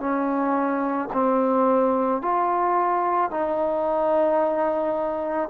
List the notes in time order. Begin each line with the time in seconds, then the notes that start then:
0.00 C#4
1.13 C4
2.22 F4
3.31 D#4